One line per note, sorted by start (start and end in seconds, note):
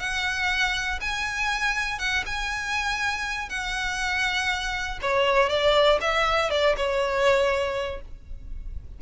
0.00 1.00 F#5
1.01 1.99 G#5
1.99 2.24 F#5
2.26 3.50 G#5
3.50 5.00 F#5
5.02 5.50 C#5
5.50 6.00 D5
6.01 6.51 E5
6.51 6.76 D5
6.77 8.02 C#5